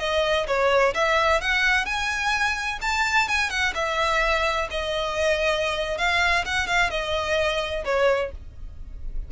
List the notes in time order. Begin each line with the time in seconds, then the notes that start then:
0.00 D#5
0.48 C#5
0.95 E5
1.41 F#5
1.86 G#5
2.82 A5
3.29 G#5
3.50 F#5
3.75 E5
4.71 D#5
5.98 F5
6.46 F#5
6.67 F5
6.91 D#5
7.85 C#5